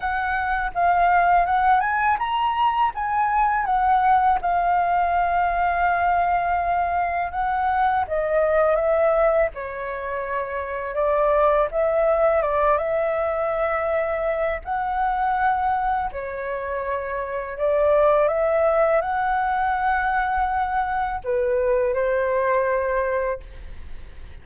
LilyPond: \new Staff \with { instrumentName = "flute" } { \time 4/4 \tempo 4 = 82 fis''4 f''4 fis''8 gis''8 ais''4 | gis''4 fis''4 f''2~ | f''2 fis''4 dis''4 | e''4 cis''2 d''4 |
e''4 d''8 e''2~ e''8 | fis''2 cis''2 | d''4 e''4 fis''2~ | fis''4 b'4 c''2 | }